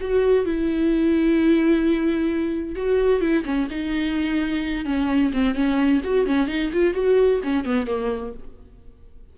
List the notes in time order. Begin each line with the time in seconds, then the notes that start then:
0.00 F#4
0.45 E4
2.75 F#4
3.21 E4
3.44 C#4
3.70 D#4
4.85 C#4
5.33 C4
5.54 C#4
6.04 F#4
6.26 C#4
6.47 D#4
6.72 F4
6.94 F#4
7.43 C#4
7.65 B3
7.86 A#3